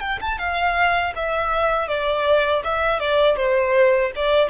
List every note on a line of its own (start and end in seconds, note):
0.00 0.19 G5
0.20 0.38 A5
0.38 1.13 F5
1.16 1.88 E5
1.88 2.62 D5
2.64 2.99 E5
2.99 3.36 D5
3.36 4.11 C5
4.16 4.49 D5